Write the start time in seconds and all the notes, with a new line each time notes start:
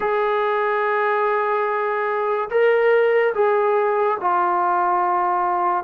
0.00 G#4
2.50 A#4
3.34 G#4
4.20 F4